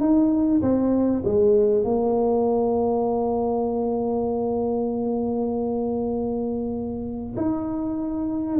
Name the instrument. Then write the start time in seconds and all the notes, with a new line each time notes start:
tuba
0.00 D#4
0.62 C4
1.24 G#3
1.84 A#3
7.36 D#4